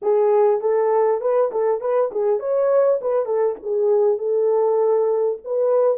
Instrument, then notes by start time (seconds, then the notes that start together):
horn
0.01 G#4
0.61 A4
1.21 B4
1.51 A4
1.80 B4
2.11 G#4
2.39 C#5
3.01 B4
3.25 A4
3.62 G#4
4.18 A4
5.44 B4